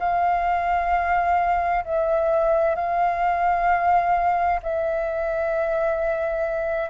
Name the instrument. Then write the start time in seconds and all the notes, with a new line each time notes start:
flute
0.00 F5
1.85 E5
2.76 F5
4.63 E5